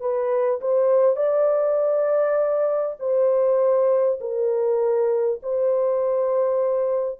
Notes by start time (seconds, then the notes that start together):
0.00 B4
0.61 C5
1.16 D5
2.99 C5
4.21 A#4
5.43 C5